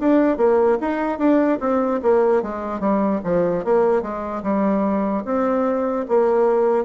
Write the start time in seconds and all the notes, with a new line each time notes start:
0.00 D4
0.38 A#3
0.81 D#4
1.19 D4
1.60 C4
2.03 A#3
2.43 G#3
2.80 G3
3.24 F3
3.65 A#3
4.02 G#3
4.43 G3
5.25 C4
6.09 A#3